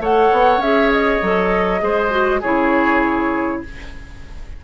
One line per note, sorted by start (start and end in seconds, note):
0.00 0.30 A3
0.00 0.60 A4
0.00 1.81 C#5
0.00 0.62 F#5
0.32 0.58 B3
0.58 1.18 C#4
0.58 1.23 G#4
0.58 0.92 E5
0.92 2.42 D#5
1.22 1.82 F#3
1.22 1.80 A4
1.80 2.42 G#3
1.80 2.10 G#4
1.80 2.41 C5
2.11 2.41 F#4
2.41 3.63 C#3
2.41 3.65 E4
2.41 3.61 G#4
2.41 3.63 C#5